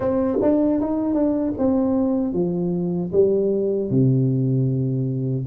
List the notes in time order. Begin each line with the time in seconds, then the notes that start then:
0.00 C4
0.41 D4
0.80 D#4
1.14 D4
1.58 C4
2.33 F3
3.12 G3
3.90 C3